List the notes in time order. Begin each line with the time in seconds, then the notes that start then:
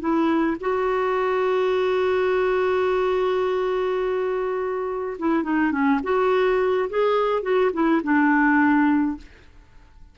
0.00 E4
0.61 F#4
5.19 E4
5.44 D#4
5.72 C#4
6.04 F#4
6.90 G#4
7.43 F#4
7.73 E4
8.03 D4